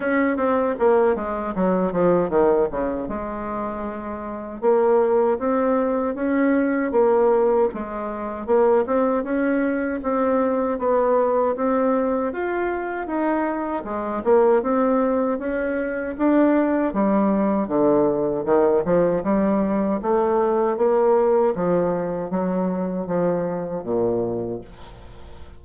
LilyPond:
\new Staff \with { instrumentName = "bassoon" } { \time 4/4 \tempo 4 = 78 cis'8 c'8 ais8 gis8 fis8 f8 dis8 cis8 | gis2 ais4 c'4 | cis'4 ais4 gis4 ais8 c'8 | cis'4 c'4 b4 c'4 |
f'4 dis'4 gis8 ais8 c'4 | cis'4 d'4 g4 d4 | dis8 f8 g4 a4 ais4 | f4 fis4 f4 ais,4 | }